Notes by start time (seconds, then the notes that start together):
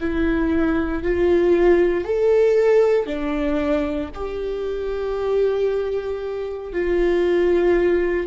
0.00 E4
1.03 F4
2.04 A4
3.06 D4
4.14 G4
6.72 F4